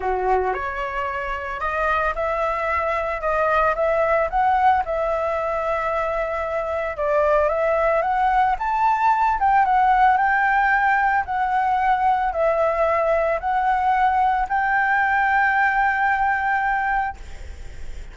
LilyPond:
\new Staff \with { instrumentName = "flute" } { \time 4/4 \tempo 4 = 112 fis'4 cis''2 dis''4 | e''2 dis''4 e''4 | fis''4 e''2.~ | e''4 d''4 e''4 fis''4 |
a''4. g''8 fis''4 g''4~ | g''4 fis''2 e''4~ | e''4 fis''2 g''4~ | g''1 | }